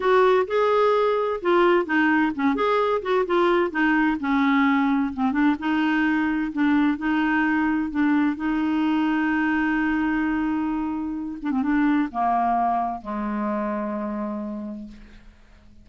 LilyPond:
\new Staff \with { instrumentName = "clarinet" } { \time 4/4 \tempo 4 = 129 fis'4 gis'2 f'4 | dis'4 cis'8 gis'4 fis'8 f'4 | dis'4 cis'2 c'8 d'8 | dis'2 d'4 dis'4~ |
dis'4 d'4 dis'2~ | dis'1~ | dis'8 d'16 c'16 d'4 ais2 | gis1 | }